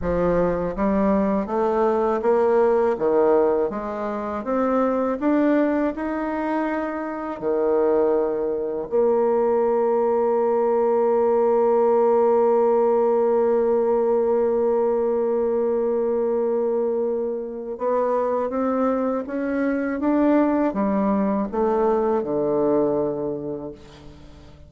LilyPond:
\new Staff \with { instrumentName = "bassoon" } { \time 4/4 \tempo 4 = 81 f4 g4 a4 ais4 | dis4 gis4 c'4 d'4 | dis'2 dis2 | ais1~ |
ais1~ | ais1 | b4 c'4 cis'4 d'4 | g4 a4 d2 | }